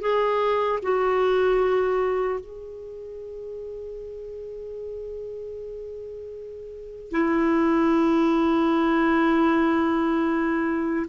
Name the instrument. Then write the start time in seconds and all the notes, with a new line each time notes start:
clarinet
0.00 G#4
0.82 F#4
2.40 G#4
7.11 E4